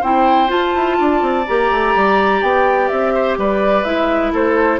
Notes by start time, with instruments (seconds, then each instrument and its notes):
0.00 bassoon C4, clarinet E4, oboe C5, flute G5
0.48 clarinet F4, bassoon F4, flute A5
0.74 bassoon E4
0.98 bassoon D4, oboe D5
1.21 bassoon C4
1.47 bassoon A#3, clarinet G4, flute A#5
1.70 bassoon A3
1.95 bassoon G3
2.42 bassoon B3, flute G5
2.88 bassoon C4, flute E5
3.14 oboe C5
3.37 bassoon G3, oboe B4, flute D5
3.84 bassoon G#3, clarinet E4, flute E5
4.33 bassoon A3, oboe A4, flute C5